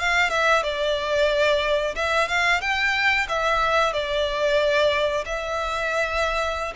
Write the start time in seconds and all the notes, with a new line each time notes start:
0.00 F5
0.30 E5
0.63 D5
1.95 E5
2.28 F5
2.61 G5
3.29 E5
3.93 D5
5.26 E5